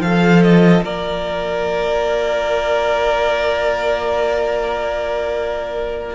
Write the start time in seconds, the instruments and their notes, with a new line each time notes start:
0.00 cello F3, viola F4, violin A4 F5
0.43 violin D#5
0.83 cello A#3, violin A#4 D5